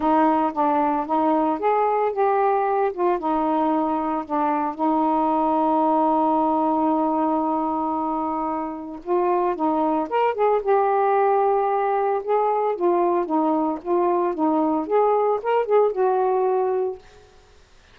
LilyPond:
\new Staff \with { instrumentName = "saxophone" } { \time 4/4 \tempo 4 = 113 dis'4 d'4 dis'4 gis'4 | g'4. f'8 dis'2 | d'4 dis'2.~ | dis'1~ |
dis'4 f'4 dis'4 ais'8 gis'8 | g'2. gis'4 | f'4 dis'4 f'4 dis'4 | gis'4 ais'8 gis'8 fis'2 | }